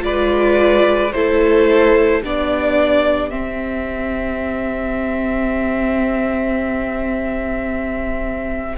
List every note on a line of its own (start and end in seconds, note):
0.00 1.13 G#3
0.00 1.09 F4
0.00 1.14 B4
0.00 1.12 D5
1.12 2.22 A3
1.12 2.23 E4
1.12 2.21 A4
1.12 2.21 C5
2.21 3.34 B3
2.21 3.30 D4
2.21 8.76 G4
2.21 3.30 D5
3.30 8.76 C4
3.30 8.77 C4
3.30 8.76 E5